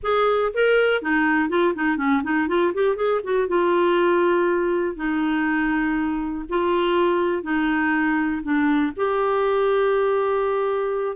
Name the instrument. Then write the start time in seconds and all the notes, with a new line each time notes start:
clarinet
0.02 G#4
0.53 A#4
1.01 D#4
1.49 F4
1.74 D#4
1.97 C#4
2.23 D#4
2.48 F4
2.74 G4
2.96 G#4
3.23 F#4
3.48 F4
4.96 D#4
6.49 F4
7.42 D#4
8.43 D4
8.96 G4